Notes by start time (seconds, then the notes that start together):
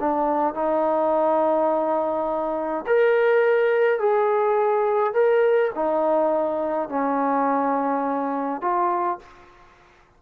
0.00 D4
0.54 D#4
2.87 A#4
4.00 G#4
5.14 A#4
5.75 D#4
6.89 C#4
8.61 F4